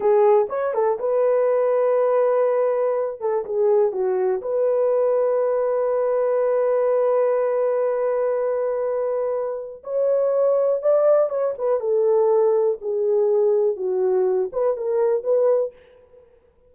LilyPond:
\new Staff \with { instrumentName = "horn" } { \time 4/4 \tempo 4 = 122 gis'4 cis''8 a'8 b'2~ | b'2~ b'8 a'8 gis'4 | fis'4 b'2.~ | b'1~ |
b'1 | cis''2 d''4 cis''8 b'8 | a'2 gis'2 | fis'4. b'8 ais'4 b'4 | }